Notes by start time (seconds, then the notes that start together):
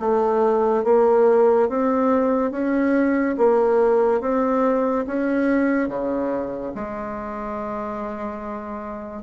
0.00 A3
0.85 A#3
1.69 C4
2.52 C#4
3.38 A#3
4.21 C4
5.07 C#4
5.89 C#3
6.75 G#3